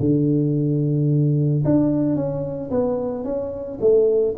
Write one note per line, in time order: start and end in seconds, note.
0.00 1.64 D3
1.65 2.16 D4
2.16 2.70 C#4
2.70 3.24 B3
3.24 3.79 C#4
3.81 4.35 A3